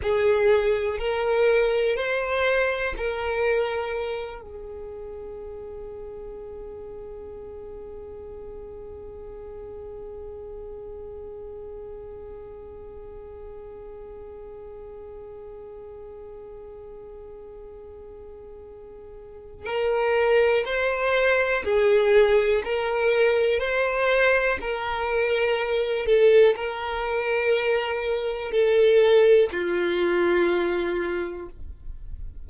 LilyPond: \new Staff \with { instrumentName = "violin" } { \time 4/4 \tempo 4 = 61 gis'4 ais'4 c''4 ais'4~ | ais'8 gis'2.~ gis'8~ | gis'1~ | gis'1~ |
gis'1 | ais'4 c''4 gis'4 ais'4 | c''4 ais'4. a'8 ais'4~ | ais'4 a'4 f'2 | }